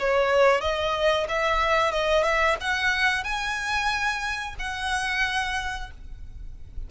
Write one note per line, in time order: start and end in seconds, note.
0.00 0.61 C#5
0.61 1.27 D#5
1.29 1.92 E5
1.92 2.24 D#5
2.24 2.57 E5
2.61 3.24 F#5
3.24 4.56 G#5
4.59 5.91 F#5